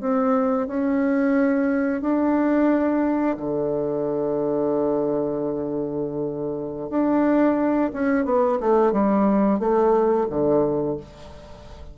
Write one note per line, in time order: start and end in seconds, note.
0.00 0.67 C4
0.67 2.01 C#4
2.01 3.36 D4
3.37 6.90 D3
6.90 7.91 D4
7.93 8.25 C#4
8.25 8.59 B3
8.60 8.92 A3
8.92 9.59 G3
9.59 10.27 A3
10.30 10.97 D3